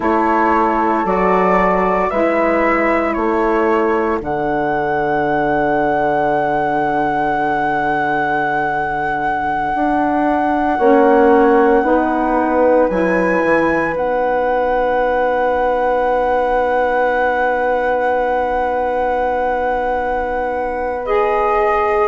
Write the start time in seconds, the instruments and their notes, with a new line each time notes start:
0.00 bassoon A3, saxophone E4, horn A4, flute C#5
1.04 bassoon F#3, saxophone F#4, flute D5
2.10 bassoon G#3, saxophone E4, horn B4, flute E5
3.13 bassoon A3, horn A4, flute C#5
4.20 bassoon D3, saxophone D4, flute F#5
9.75 bassoon D4
10.77 bassoon A#3, saxophone C#4, horn C#5
11.83 bassoon B3, saxophone D#4, horn B4
12.89 bassoon F#3, saxophone E4, flute G#5
13.44 bassoon E3
13.93 bassoon B3, saxophone D#4, flute F#5
21.05 saxophone G#4, flute D#5